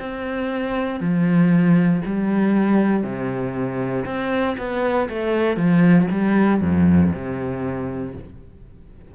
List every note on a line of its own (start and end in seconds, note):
0.00 1.01 C4
1.01 2.02 F3
2.06 3.04 G3
3.04 4.05 C3
4.06 4.57 C4
4.58 5.09 B3
5.09 5.57 A3
5.57 6.08 F3
6.11 6.61 G3
6.61 7.12 F2
7.13 8.14 C3